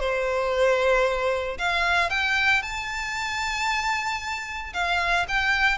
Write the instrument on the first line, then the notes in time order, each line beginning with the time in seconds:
violin
0.00 C5
1.58 F5
2.10 G5
2.62 A5
4.73 F5
5.28 G5